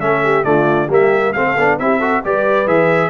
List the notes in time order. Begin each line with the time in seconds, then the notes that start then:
0.00 A3 C#4 A4 E5
0.24 G4
0.43 D3 A3 F4 D5
0.89 G3 A#3 G4 E5
1.33 A3 C4 A4 F5
1.56 B3 D4
1.79 C4 E4 G4 E5
1.99 F#4 A4
2.24 G3 G4 B4 D5
2.67 E3 G#4 E5